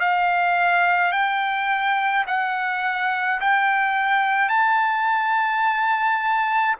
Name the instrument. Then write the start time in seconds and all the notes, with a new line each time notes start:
trumpet
0.00 F5
1.12 G5
2.27 F#5
3.41 G5
4.49 A5